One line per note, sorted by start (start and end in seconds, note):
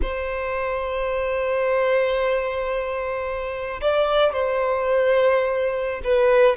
0.02 3.80 C5
3.81 4.33 D5
4.33 6.01 C5
6.04 6.56 B4